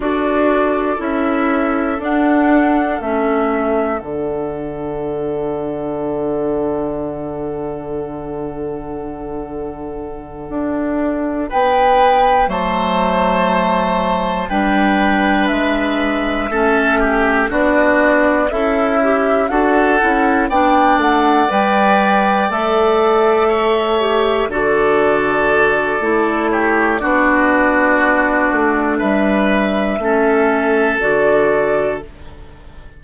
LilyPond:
<<
  \new Staff \with { instrumentName = "flute" } { \time 4/4 \tempo 4 = 60 d''4 e''4 fis''4 e''4 | fis''1~ | fis''2.~ fis''8 g''8~ | g''8 a''2 g''4 e''8~ |
e''4. d''4 e''4 fis''8~ | fis''8 g''8 fis''8 g''4 e''4.~ | e''8 d''2 cis''8 d''4~ | d''4 e''2 d''4 | }
  \new Staff \with { instrumentName = "oboe" } { \time 4/4 a'1~ | a'1~ | a'2.~ a'8 b'8~ | b'8 c''2 b'4.~ |
b'8 a'8 g'8 fis'4 e'4 a'8~ | a'8 d''2. cis''8~ | cis''8 a'2 g'8 fis'4~ | fis'4 b'4 a'2 | }
  \new Staff \with { instrumentName = "clarinet" } { \time 4/4 fis'4 e'4 d'4 cis'4 | d'1~ | d'1~ | d'8 a2 d'4.~ |
d'8 cis'4 d'4 a'8 g'8 fis'8 | e'8 d'4 b'4 a'4. | g'8 fis'4. e'4 d'4~ | d'2 cis'4 fis'4 | }
  \new Staff \with { instrumentName = "bassoon" } { \time 4/4 d'4 cis'4 d'4 a4 | d1~ | d2~ d8 d'4 b8~ | b8 fis2 g4 gis8~ |
gis8 a4 b4 cis'4 d'8 | cis'8 b8 a8 g4 a4.~ | a8 d4. a4 b4~ | b8 a8 g4 a4 d4 | }
>>